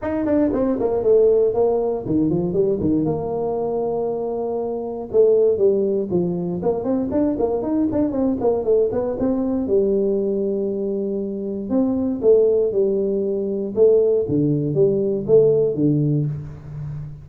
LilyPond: \new Staff \with { instrumentName = "tuba" } { \time 4/4 \tempo 4 = 118 dis'8 d'8 c'8 ais8 a4 ais4 | dis8 f8 g8 dis8 ais2~ | ais2 a4 g4 | f4 ais8 c'8 d'8 ais8 dis'8 d'8 |
c'8 ais8 a8 b8 c'4 g4~ | g2. c'4 | a4 g2 a4 | d4 g4 a4 d4 | }